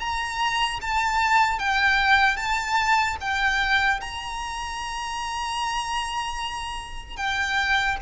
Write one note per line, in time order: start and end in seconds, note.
0.00 0.80 A#5
0.82 1.59 A5
1.59 2.37 G5
2.37 3.17 A5
3.21 4.01 G5
4.01 7.17 A#5
7.17 7.97 G5